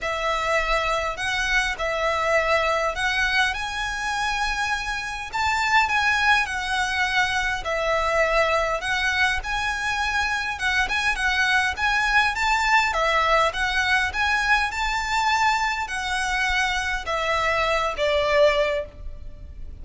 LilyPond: \new Staff \with { instrumentName = "violin" } { \time 4/4 \tempo 4 = 102 e''2 fis''4 e''4~ | e''4 fis''4 gis''2~ | gis''4 a''4 gis''4 fis''4~ | fis''4 e''2 fis''4 |
gis''2 fis''8 gis''8 fis''4 | gis''4 a''4 e''4 fis''4 | gis''4 a''2 fis''4~ | fis''4 e''4. d''4. | }